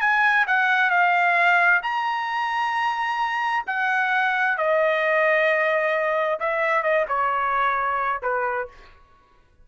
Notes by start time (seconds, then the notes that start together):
0.00 G#5
0.47 F#5
0.90 F5
1.82 A#5
3.66 F#5
4.57 D#5
6.39 E5
6.82 D#5
7.08 C#5
8.22 B4